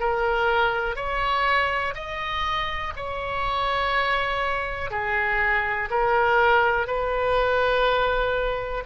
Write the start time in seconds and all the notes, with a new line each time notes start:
0.00 A#4
0.96 C#5
1.94 D#5
2.96 C#5
4.90 G#4
5.90 A#4
6.87 B4